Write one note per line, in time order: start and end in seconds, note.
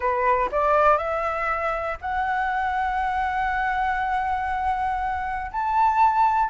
0.00 0.49 B4
0.51 0.97 D5
0.97 1.97 E5
2.01 5.51 F#5
5.51 6.49 A5